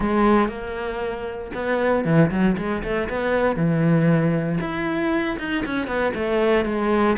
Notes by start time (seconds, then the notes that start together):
0.00 G#3
0.48 A#3
1.54 B3
2.04 E3
2.30 F#3
2.57 G#3
2.83 A3
3.09 B3
3.56 E3
4.60 E4
5.38 D#4
5.65 C#4
5.87 B3
6.14 A3
6.65 G#3